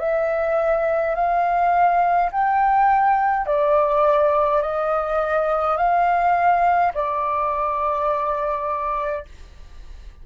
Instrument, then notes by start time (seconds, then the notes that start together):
flute
0.00 E5
1.15 F5
2.32 G5
3.47 D5
4.63 D#5
5.77 F5
6.94 D5